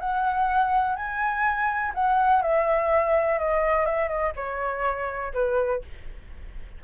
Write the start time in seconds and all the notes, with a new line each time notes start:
0.00 F#5
0.96 G#5
1.95 F#5
2.43 E5
3.39 D#5
3.86 E5
4.09 D#5
4.37 C#5
5.34 B4